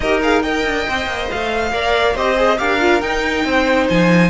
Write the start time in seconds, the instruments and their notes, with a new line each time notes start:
0.00 cello D#4, viola G4, violin A#4 D#5
0.22 viola G#4, violin F5
0.42 viola A#4, violin D#5 G5
0.65 cello D4
0.88 cello C4, viola C5
1.06 cello A#3
1.30 cello A3, violin F5
1.72 cello A#3, viola A#4, violin D5
2.14 cello C4, viola G4, violin C5 D#5
2.35 viola G#4
2.58 cello D4, viola G4, violin A#4 F5
2.79 viola F4
3.01 cello D#4, viola D#4, violin G5
3.44 cello C4, violin C5
3.88 cello F3, violin G#5